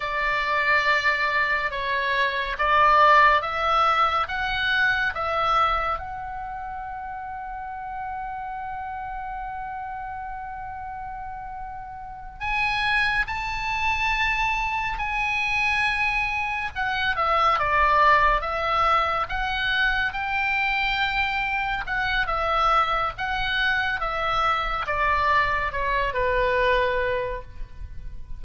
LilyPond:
\new Staff \with { instrumentName = "oboe" } { \time 4/4 \tempo 4 = 70 d''2 cis''4 d''4 | e''4 fis''4 e''4 fis''4~ | fis''1~ | fis''2~ fis''8 gis''4 a''8~ |
a''4. gis''2 fis''8 | e''8 d''4 e''4 fis''4 g''8~ | g''4. fis''8 e''4 fis''4 | e''4 d''4 cis''8 b'4. | }